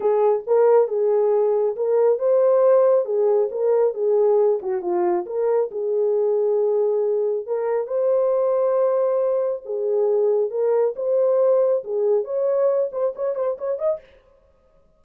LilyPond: \new Staff \with { instrumentName = "horn" } { \time 4/4 \tempo 4 = 137 gis'4 ais'4 gis'2 | ais'4 c''2 gis'4 | ais'4 gis'4. fis'8 f'4 | ais'4 gis'2.~ |
gis'4 ais'4 c''2~ | c''2 gis'2 | ais'4 c''2 gis'4 | cis''4. c''8 cis''8 c''8 cis''8 dis''8 | }